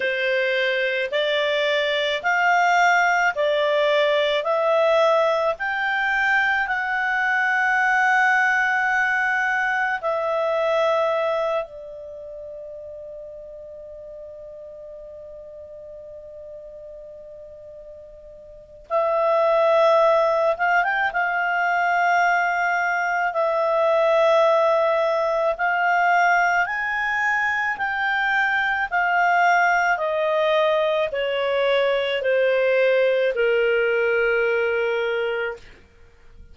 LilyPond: \new Staff \with { instrumentName = "clarinet" } { \time 4/4 \tempo 4 = 54 c''4 d''4 f''4 d''4 | e''4 g''4 fis''2~ | fis''4 e''4. d''4.~ | d''1~ |
d''4 e''4. f''16 g''16 f''4~ | f''4 e''2 f''4 | gis''4 g''4 f''4 dis''4 | cis''4 c''4 ais'2 | }